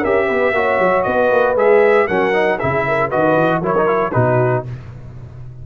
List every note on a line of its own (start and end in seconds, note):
0.00 0.29 C#4
0.00 0.54 G4
0.00 0.26 A#4
0.00 1.03 E5
0.28 0.53 B3
0.28 0.53 B4
0.53 0.78 A#3
0.53 1.56 F#4
0.53 1.06 C#5
0.79 1.05 F#3
1.03 1.31 B3
1.03 2.08 B4
1.03 1.54 D#5
1.31 1.55 A#3
1.55 2.07 G#3
1.55 2.08 G#4
1.55 2.07 E5
2.07 2.61 F#3
2.07 2.33 C#4
2.07 2.59 A#4
2.07 2.59 F#5
2.33 2.59 D#4
2.59 3.14 C#3
2.59 3.11 E4
2.59 2.85 G#4
2.59 3.10 E5
2.87 3.08 A#4
3.08 3.36 D#3
3.08 3.62 F#4
3.08 3.59 B4
3.08 3.62 D#5
3.36 3.61 E3
3.61 4.12 F#3
3.61 3.75 E4
3.61 4.12 A#4
3.61 4.12 C#5
3.77 3.86 D#4
3.86 4.12 E4
4.12 4.66 B2
4.12 4.65 D#4
4.12 4.65 F#4
4.12 4.63 B4